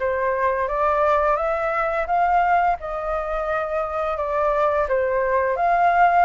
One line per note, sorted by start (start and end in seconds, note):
0.00 0.68 C5
0.68 1.37 D5
1.37 2.07 E5
2.07 2.77 F5
2.80 4.18 D#5
4.18 4.87 D5
4.89 5.57 C5
5.57 6.26 F5